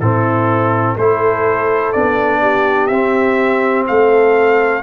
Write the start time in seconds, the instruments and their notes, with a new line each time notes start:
0.00 tuba A2, trombone C4, horn E4, trumpet A4
0.97 tuba A3, trombone E4, horn A4, trumpet C5
1.93 tuba B3, trombone D4, trumpet D5
2.41 horn G4
2.87 tuba C4, trombone C4, trumpet E5
3.87 tuba A3, horn A4, trumpet F5